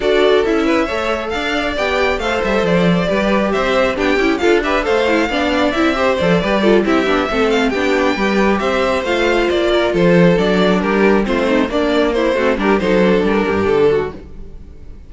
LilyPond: <<
  \new Staff \with { instrumentName = "violin" } { \time 4/4 \tempo 4 = 136 d''4 e''2 f''4 | g''4 f''8 e''8 d''2 | e''4 g''4 f''8 e''8 f''4~ | f''4 e''4 d''4. e''8~ |
e''4 f''8 g''2 e''8~ | e''8 f''4 d''4 c''4 d''8~ | d''8 ais'4 c''4 d''4 c''8~ | c''8 ais'8 c''4 ais'4 a'4 | }
  \new Staff \with { instrumentName = "violin" } { \time 4/4 a'4. b'8 cis''4 d''4~ | d''4 c''2 b'4 | c''4 g'4 a'8 b'8 c''4 | d''4. c''4 b'8 a'8 g'8~ |
g'8 a'4 g'4 b'4 c''8~ | c''2 ais'8 a'4.~ | a'8 g'4 f'8 dis'8 d'4 e'8 | fis'8 g'8 a'4. g'4 fis'8 | }
  \new Staff \with { instrumentName = "viola" } { \time 4/4 fis'4 e'4 a'2 | g'4 a'2 g'4~ | g'4 d'8 e'8 f'8 g'8 a'8 e'8 | d'4 e'8 g'8 a'8 g'8 f'8 e'8 |
d'8 c'4 d'4 g'4.~ | g'8 f'2. d'8~ | d'4. c'4 ais4. | c'8 d'8 dis'8 d'2~ d'8 | }
  \new Staff \with { instrumentName = "cello" } { \time 4/4 d'4 cis'4 a4 d'4 | b4 a8 g8 f4 g4 | c'4 b8 cis'8 d'4 a4 | b4 c'4 f8 g4 c'8 |
b8 a4 b4 g4 c'8~ | c'8 a4 ais4 f4 fis8~ | fis8 g4 a4 ais4. | a8 g8 fis4 g8 g,8 d4 | }
>>